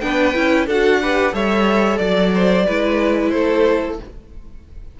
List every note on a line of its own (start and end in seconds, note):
0.00 0.35 B3
0.00 0.34 D4
0.00 0.66 B4
0.00 0.66 G5
0.34 0.67 C#4
0.34 0.67 E4
0.66 1.33 D4
0.66 1.03 F#4
0.66 0.99 A4
0.66 1.35 F#5
1.02 1.32 G4
1.02 1.34 B4
1.32 1.99 G3
1.32 2.64 A4
1.32 1.98 C#5
1.32 1.98 E5
1.98 2.66 F#3
1.98 3.30 D5
1.98 2.31 D5
2.34 2.66 C5
2.66 3.33 G#3
2.66 4.00 E4
2.66 3.32 B4
3.30 3.99 A3
3.30 3.99 A4
3.30 3.95 C5